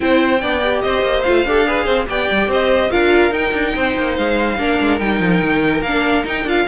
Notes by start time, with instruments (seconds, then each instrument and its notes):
0.00 cello C4, viola E4, violin C5 G5
0.41 cello B3, viola D4, violin D5
0.62 viola G4
0.81 cello C4, violin C5 D#5
1.02 cello A#3
1.22 cello A3, viola F4, violin F5
1.44 cello D4, viola G4, violin A4
1.66 viola G#4, violin B4
1.84 cello C4, violin C5
2.08 cello B3, viola G4, violin D5 G5
2.30 cello G3
2.47 cello C4, violin C5 D#5
2.90 cello D4, viola F4, violin A#4 F5
3.31 cello D#4, viola D#4, violin G5
3.52 cello D4
3.75 cello C4, violin C5
3.97 cello A#3
4.16 cello G#3, violin F5
4.58 cello A#3, viola D4, violin A#4
4.80 cello G#3
4.99 cello G3, viola D#4, violin G5
5.20 cello F3
5.41 cello D#3
5.81 cello A#3, viola D4, violin F5
6.24 viola D#4, cello D#4, violin G5
6.44 cello D4, viola F4, violin F5